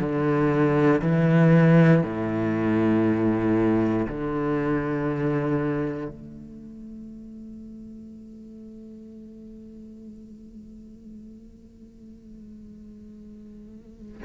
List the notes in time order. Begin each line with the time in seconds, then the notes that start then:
0.00 D3
1.02 E3
2.03 A2
4.08 D3
6.09 A3